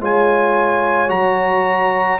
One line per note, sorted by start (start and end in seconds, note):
0.00 1.09 G#3
0.00 1.08 F4
0.00 2.19 C#5
0.00 1.10 G#5
1.08 2.19 F#3
1.08 2.19 F#4
1.08 2.19 A#5